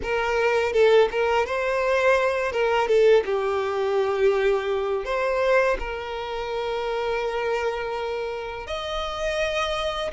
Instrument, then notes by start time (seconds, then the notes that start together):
violin
0.02 A#4
0.72 A4
1.11 A#4
1.46 C5
2.52 A#4
2.87 A4
3.25 G4
5.04 C5
5.79 A#4
8.66 D#5